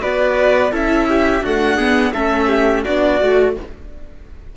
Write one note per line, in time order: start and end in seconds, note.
0.00 0.72 B3
0.00 0.71 F#4
0.00 0.72 B4
0.00 0.72 D5
0.71 1.41 C#4
0.71 1.41 E4
0.71 1.07 A4
0.71 1.45 E5
1.09 1.43 G4
1.41 1.78 A3
1.41 2.12 D4
1.41 1.76 F#4
1.41 2.12 F#5
1.76 2.13 B3
1.76 2.11 G#4
2.12 2.85 A3
2.12 2.85 C#4
2.12 2.48 A4
2.12 2.83 E5
2.48 2.83 G4
2.84 3.21 B3
2.84 3.21 D4
2.84 3.54 F#4
2.84 3.55 D5
3.21 3.56 A3
3.21 3.56 F#4